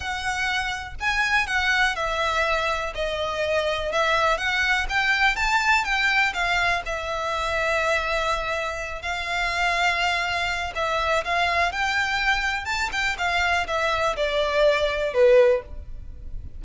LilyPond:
\new Staff \with { instrumentName = "violin" } { \time 4/4 \tempo 4 = 123 fis''2 gis''4 fis''4 | e''2 dis''2 | e''4 fis''4 g''4 a''4 | g''4 f''4 e''2~ |
e''2~ e''8 f''4.~ | f''2 e''4 f''4 | g''2 a''8 g''8 f''4 | e''4 d''2 b'4 | }